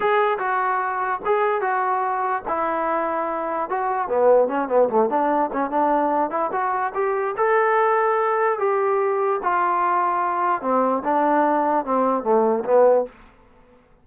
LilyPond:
\new Staff \with { instrumentName = "trombone" } { \time 4/4 \tempo 4 = 147 gis'4 fis'2 gis'4 | fis'2 e'2~ | e'4 fis'4 b4 cis'8 b8 | a8 d'4 cis'8 d'4. e'8 |
fis'4 g'4 a'2~ | a'4 g'2 f'4~ | f'2 c'4 d'4~ | d'4 c'4 a4 b4 | }